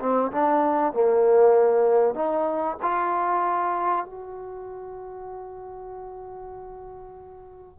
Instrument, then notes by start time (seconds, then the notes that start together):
trombone
0.00 C4
0.32 D4
0.93 A#3
2.14 D#4
2.82 F4
4.05 F#4